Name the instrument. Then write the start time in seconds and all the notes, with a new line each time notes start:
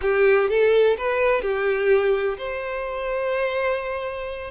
violin
0.01 G4
0.49 A4
0.97 B4
1.42 G4
2.37 C5